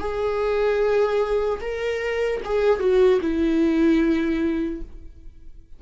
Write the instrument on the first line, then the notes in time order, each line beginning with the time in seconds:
viola
0.00 G#4
1.61 A#4
2.45 G#4
2.80 F#4
3.21 E4